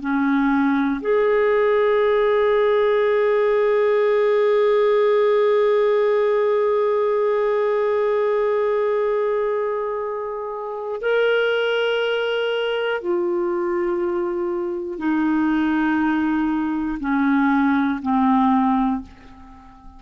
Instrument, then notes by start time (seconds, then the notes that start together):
clarinet
0.00 C#4
1.00 G#4
11.00 A#4
13.00 F4
14.98 D#4
17.00 C#4
18.02 C4